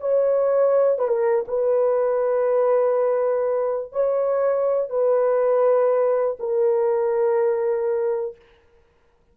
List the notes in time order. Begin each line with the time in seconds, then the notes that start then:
0.00 C#5
0.98 B4
1.08 A#4
1.47 B4
3.92 C#5
4.89 B4
6.39 A#4